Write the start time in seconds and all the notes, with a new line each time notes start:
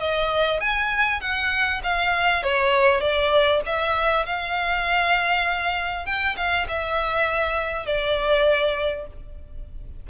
0.00 D#5
0.60 G#5
1.21 F#5
1.83 F5
2.43 C#5
3.01 D5
3.66 E5
4.26 F5
6.06 G5
6.36 F5
6.68 E5
7.86 D5